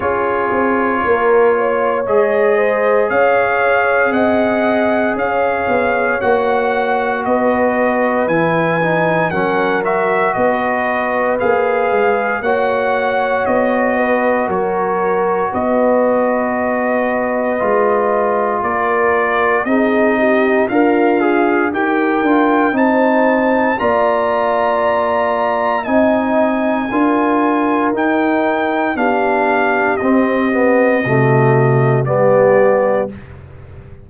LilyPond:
<<
  \new Staff \with { instrumentName = "trumpet" } { \time 4/4 \tempo 4 = 58 cis''2 dis''4 f''4 | fis''4 f''4 fis''4 dis''4 | gis''4 fis''8 e''8 dis''4 f''4 | fis''4 dis''4 cis''4 dis''4~ |
dis''2 d''4 dis''4 | f''4 g''4 a''4 ais''4~ | ais''4 gis''2 g''4 | f''4 dis''2 d''4 | }
  \new Staff \with { instrumentName = "horn" } { \time 4/4 gis'4 ais'8 cis''4 c''8 cis''4 | dis''4 cis''2 b'4~ | b'4 ais'4 b'2 | cis''4. b'8 ais'4 b'4~ |
b'2 ais'4 gis'8 g'8 | f'4 ais'4 c''4 d''4~ | d''4 dis''4 ais'2 | g'2 fis'4 g'4 | }
  \new Staff \with { instrumentName = "trombone" } { \time 4/4 f'2 gis'2~ | gis'2 fis'2 | e'8 dis'8 cis'8 fis'4. gis'4 | fis'1~ |
fis'4 f'2 dis'4 | ais'8 gis'8 g'8 f'8 dis'4 f'4~ | f'4 dis'4 f'4 dis'4 | d'4 c'8 b8 a4 b4 | }
  \new Staff \with { instrumentName = "tuba" } { \time 4/4 cis'8 c'8 ais4 gis4 cis'4 | c'4 cis'8 b8 ais4 b4 | e4 fis4 b4 ais8 gis8 | ais4 b4 fis4 b4~ |
b4 gis4 ais4 c'4 | d'4 dis'8 d'8 c'4 ais4~ | ais4 c'4 d'4 dis'4 | b4 c'4 c4 g4 | }
>>